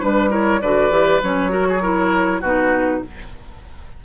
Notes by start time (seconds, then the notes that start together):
0.00 G3 D4 B4
0.30 E4 A#4 C#5
0.61 D3 F#4 B4 D5
0.91 E3 G4
1.23 F#3 C#4 C#5
1.50 F#4 A#4
1.69 G#4
1.82 E4 A#4
2.41 B2 D#4 F#4 B4